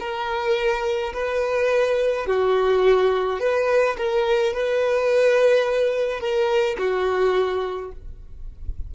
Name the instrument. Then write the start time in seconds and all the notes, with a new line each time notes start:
violin
0.00 A#4
1.14 B4
2.27 F#4
3.40 B4
3.98 A#4
4.54 B4
6.21 A#4
6.79 F#4